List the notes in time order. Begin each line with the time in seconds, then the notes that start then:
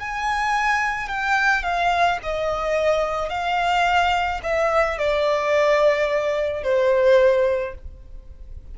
0.00 G#5
1.09 G5
1.63 F5
2.23 D#5
3.29 F5
4.43 E5
4.98 D5
6.64 C5